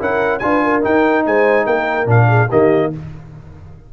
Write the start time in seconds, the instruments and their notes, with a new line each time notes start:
0.00 tuba C#4, trombone E4, horn A#4, trumpet F#5
0.39 tuba D4, trombone F4, horn B4, trumpet G#5
0.64 horn A#4
0.82 trombone D#4, tuba D#4, trumpet G5
1.26 tuba G#3, horn C5, trumpet G#5
1.66 tuba A#3, horn A#4, trumpet G5
2.06 tuba A#2, trombone D4, trumpet F5
2.29 horn G#4
2.50 tuba D#3, trombone A#3, horn G4, trumpet D#5